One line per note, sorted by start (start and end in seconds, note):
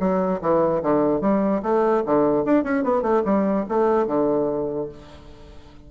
0.00 0.41 F#3
0.42 0.82 E3
0.83 1.21 D3
1.21 1.62 G3
1.63 2.04 A3
2.06 2.45 D3
2.45 2.64 D4
2.64 2.84 C#4
2.84 3.02 B3
3.02 3.23 A3
3.25 3.66 G3
3.69 4.07 A3
4.07 4.89 D3